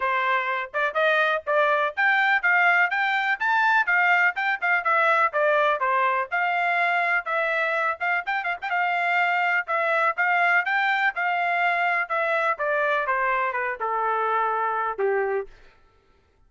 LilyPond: \new Staff \with { instrumentName = "trumpet" } { \time 4/4 \tempo 4 = 124 c''4. d''8 dis''4 d''4 | g''4 f''4 g''4 a''4 | f''4 g''8 f''8 e''4 d''4 | c''4 f''2 e''4~ |
e''8 f''8 g''8 f''16 g''16 f''2 | e''4 f''4 g''4 f''4~ | f''4 e''4 d''4 c''4 | b'8 a'2~ a'8 g'4 | }